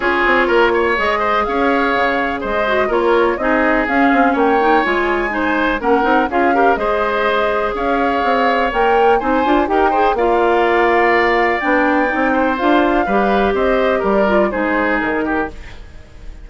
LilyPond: <<
  \new Staff \with { instrumentName = "flute" } { \time 4/4 \tempo 4 = 124 cis''2 dis''4 f''4~ | f''4 dis''4 cis''4 dis''4 | f''4 g''4 gis''2 | fis''4 f''4 dis''2 |
f''2 g''4 gis''4 | g''4 f''2. | g''2 f''2 | dis''4 d''4 c''4 ais'4 | }
  \new Staff \with { instrumentName = "oboe" } { \time 4/4 gis'4 ais'8 cis''4 c''8 cis''4~ | cis''4 c''4 ais'4 gis'4~ | gis'4 cis''2 c''4 | ais'4 gis'8 ais'8 c''2 |
cis''2. c''4 | ais'8 c''8 d''2.~ | d''4. c''4. b'4 | c''4 ais'4 gis'4. g'8 | }
  \new Staff \with { instrumentName = "clarinet" } { \time 4/4 f'2 gis'2~ | gis'4. fis'8 f'4 dis'4 | cis'4. dis'8 f'4 dis'4 | cis'8 dis'8 f'8 g'8 gis'2~ |
gis'2 ais'4 dis'8 f'8 | g'8 gis'8 f'2. | d'4 dis'4 f'4 g'4~ | g'4. f'8 dis'2 | }
  \new Staff \with { instrumentName = "bassoon" } { \time 4/4 cis'8 c'8 ais4 gis4 cis'4 | cis4 gis4 ais4 c'4 | cis'8 c'8 ais4 gis2 | ais8 c'8 cis'4 gis2 |
cis'4 c'4 ais4 c'8 d'8 | dis'4 ais2. | b4 c'4 d'4 g4 | c'4 g4 gis4 dis4 | }
>>